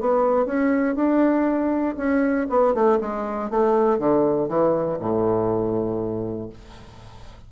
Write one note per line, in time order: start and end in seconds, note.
0.00 0.46 B3
0.46 0.95 C#4
0.95 1.95 D4
1.97 2.47 C#4
2.49 2.74 B3
2.74 2.99 A3
3.01 3.50 G#3
3.50 3.99 A3
3.99 4.49 D3
4.49 4.99 E3
4.99 6.49 A2